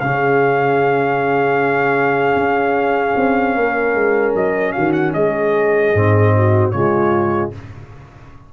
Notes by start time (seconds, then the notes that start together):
0.00 C#3 C#4 G#4 F5
2.35 C#4
3.16 C4
3.55 A#3 A#4
3.94 G#3
4.34 F#3 D#5
4.72 D#3 F#4 F5
4.92 F#5
5.13 G#3 G#4 D#5
5.94 G#2 C4
6.36 F#4
6.71 C#3 G#3 F4 C#5